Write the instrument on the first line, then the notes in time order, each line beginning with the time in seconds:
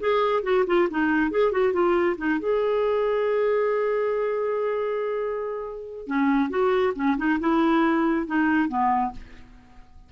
clarinet
0.00 G#4
0.43 F#4
0.67 F4
0.90 D#4
1.31 G#4
1.52 F#4
1.73 F4
2.18 D#4
2.39 G#4
6.07 C#4
6.50 F#4
6.95 C#4
7.18 D#4
7.40 E4
8.27 D#4
8.69 B3